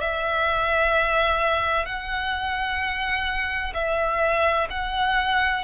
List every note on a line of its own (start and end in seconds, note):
0.00 1.85 E5
1.85 3.72 F#5
3.73 4.67 E5
4.70 5.63 F#5